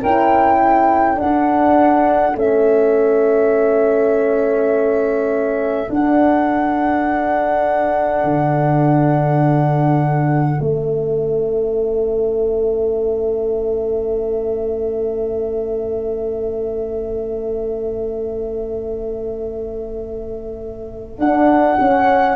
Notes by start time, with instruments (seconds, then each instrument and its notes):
0.00 tuba C#4, horn E4, saxophone A#4, flute G5
0.57 saxophone A4
1.15 horn D4, tuba D4, flute F#5
2.35 tuba A3, horn C#4, flute E5
5.89 tuba D4, horn D4, flute F#5
8.24 tuba D3
10.60 tuba A3, horn C#4, flute E5
21.18 tuba D4, horn D4, flute F#5
21.79 horn C#4, tuba C#4